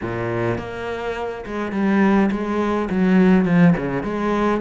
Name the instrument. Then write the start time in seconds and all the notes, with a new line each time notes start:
cello
0.01 A#2
0.58 A#3
1.46 G#3
1.72 G3
2.31 G#3
2.90 F#3
3.45 F3
3.77 C#3
4.03 G#3